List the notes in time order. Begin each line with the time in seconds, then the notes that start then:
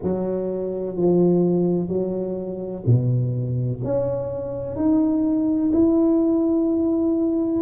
0.02 F#3
0.96 F3
1.87 F#3
2.86 B2
3.84 C#4
4.76 D#4
5.72 E4